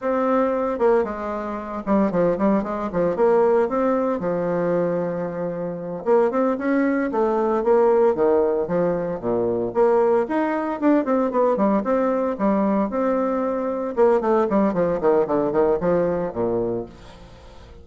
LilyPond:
\new Staff \with { instrumentName = "bassoon" } { \time 4/4 \tempo 4 = 114 c'4. ais8 gis4. g8 | f8 g8 gis8 f8 ais4 c'4 | f2.~ f8 ais8 | c'8 cis'4 a4 ais4 dis8~ |
dis8 f4 ais,4 ais4 dis'8~ | dis'8 d'8 c'8 b8 g8 c'4 g8~ | g8 c'2 ais8 a8 g8 | f8 dis8 d8 dis8 f4 ais,4 | }